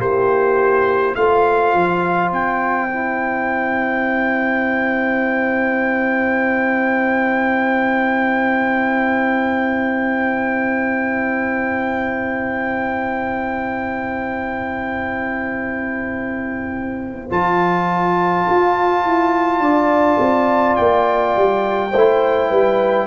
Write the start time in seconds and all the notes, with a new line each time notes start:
0.00 A#3 E4 G4 C5
1.15 A3 F4 C5 F5
1.74 F3
2.32 C4 G5
2.90 E4
17.30 F3 F4 A5
18.49 F4
19.05 E4
19.60 D4 D5
20.19 C4
20.75 A#3 G5
21.36 G3
21.91 A3 E4 C5
22.49 G3 B4